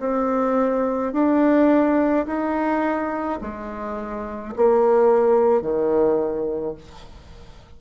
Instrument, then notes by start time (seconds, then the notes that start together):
bassoon
0.00 C4
1.13 D4
2.26 D#4
3.41 G#3
4.56 A#3
5.62 D#3